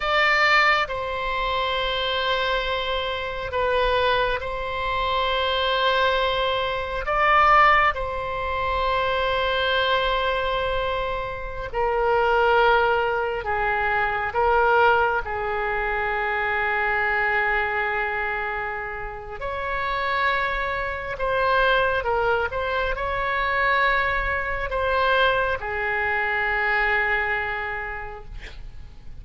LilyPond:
\new Staff \with { instrumentName = "oboe" } { \time 4/4 \tempo 4 = 68 d''4 c''2. | b'4 c''2. | d''4 c''2.~ | c''4~ c''16 ais'2 gis'8.~ |
gis'16 ais'4 gis'2~ gis'8.~ | gis'2 cis''2 | c''4 ais'8 c''8 cis''2 | c''4 gis'2. | }